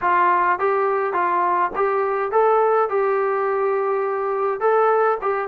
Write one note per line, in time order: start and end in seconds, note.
0.01 0.59 F4
0.59 1.12 G4
1.12 1.70 F4
1.75 2.31 G4
2.31 2.89 A4
2.89 4.60 G4
4.60 5.18 A4
5.21 5.48 G4